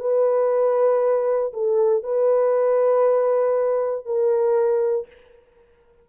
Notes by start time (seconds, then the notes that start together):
0.00 B4
1.53 A4
2.03 B4
4.06 A#4